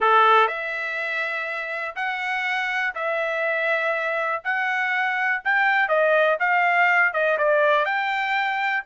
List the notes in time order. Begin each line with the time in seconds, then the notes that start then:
0.00 A4
0.47 E5
1.95 F#5
2.94 E5
4.44 F#5
5.44 G5
5.88 D#5
6.39 F5
7.13 D#5
7.37 D5
7.85 G5